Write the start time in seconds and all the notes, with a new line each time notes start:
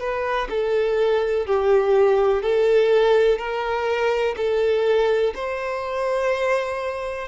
0.00 B4
0.50 A4
1.46 G4
2.43 A4
3.39 A#4
4.37 A4
5.35 C5